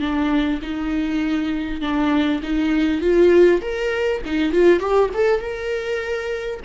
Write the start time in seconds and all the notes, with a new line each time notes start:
0.00 D4
0.62 D#4
1.81 D4
2.42 D#4
3.01 F4
3.61 A#4
4.25 D#4
4.52 F4
4.79 G4
5.14 A4
5.40 A#4